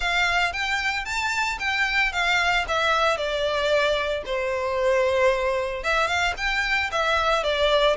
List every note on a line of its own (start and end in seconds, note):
0.00 0.52 F5
0.53 1.05 G5
1.05 1.58 A5
1.59 2.12 G5
2.12 2.65 F5
2.67 3.17 E5
3.17 4.23 D5
4.25 5.83 C5
5.83 6.07 E5
6.07 6.33 F5
6.37 6.90 G5
6.91 7.43 E5
7.43 7.96 D5